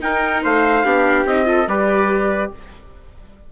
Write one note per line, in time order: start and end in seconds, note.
0.00 0.83 D#4
0.00 0.43 D#4
0.00 0.43 A#4
0.00 0.43 G5
0.43 0.84 A3
0.43 0.84 C5
0.43 1.26 F5
0.84 1.25 B3
0.84 1.26 D4
0.84 1.47 G4
1.25 1.66 C4
1.25 1.45 D#4
1.25 1.68 D#5
1.45 1.65 F4
1.45 1.68 A4
1.67 2.50 G3
1.67 2.52 G4
1.67 2.51 B4
1.67 2.51 D5